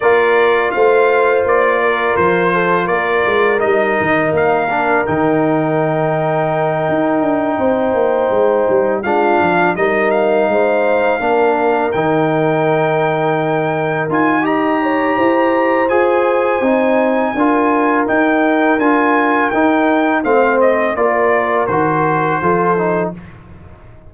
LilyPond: <<
  \new Staff \with { instrumentName = "trumpet" } { \time 4/4 \tempo 4 = 83 d''4 f''4 d''4 c''4 | d''4 dis''4 f''4 g''4~ | g''1~ | g''8 f''4 dis''8 f''2~ |
f''8 g''2. gis''8 | ais''2 gis''2~ | gis''4 g''4 gis''4 g''4 | f''8 dis''8 d''4 c''2 | }
  \new Staff \with { instrumentName = "horn" } { \time 4/4 ais'4 c''4. ais'4 a'8 | ais'1~ | ais'2~ ais'8 c''4.~ | c''8 f'4 ais'4 c''4 ais'8~ |
ais'1 | dis''8 cis''8 c''2. | ais'1 | c''4 ais'2 a'4 | }
  \new Staff \with { instrumentName = "trombone" } { \time 4/4 f'1~ | f'4 dis'4. d'8 dis'4~ | dis'1~ | dis'8 d'4 dis'2 d'8~ |
d'8 dis'2. f'8 | g'2 gis'4 dis'4 | f'4 dis'4 f'4 dis'4 | c'4 f'4 fis'4 f'8 dis'8 | }
  \new Staff \with { instrumentName = "tuba" } { \time 4/4 ais4 a4 ais4 f4 | ais8 gis8 g8 dis8 ais4 dis4~ | dis4. dis'8 d'8 c'8 ais8 gis8 | g8 gis8 f8 g4 gis4 ais8~ |
ais8 dis2. dis'8~ | dis'4 e'4 f'4 c'4 | d'4 dis'4 d'4 dis'4 | a4 ais4 dis4 f4 | }
>>